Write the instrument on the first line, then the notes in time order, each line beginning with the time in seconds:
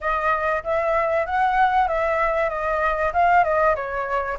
flute
0.00 D#5
0.63 E5
1.26 F#5
1.88 E5
2.49 D#5
3.13 F5
3.44 D#5
3.75 C#5